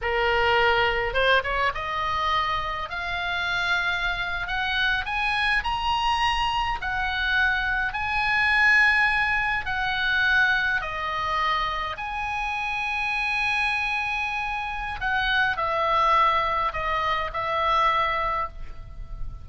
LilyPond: \new Staff \with { instrumentName = "oboe" } { \time 4/4 \tempo 4 = 104 ais'2 c''8 cis''8 dis''4~ | dis''4 f''2~ f''8. fis''16~ | fis''8. gis''4 ais''2 fis''16~ | fis''4.~ fis''16 gis''2~ gis''16~ |
gis''8. fis''2 dis''4~ dis''16~ | dis''8. gis''2.~ gis''16~ | gis''2 fis''4 e''4~ | e''4 dis''4 e''2 | }